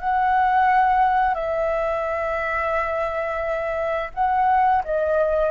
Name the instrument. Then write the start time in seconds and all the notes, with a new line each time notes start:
flute
0.00 F#5
1.35 E5
4.14 F#5
4.84 D#5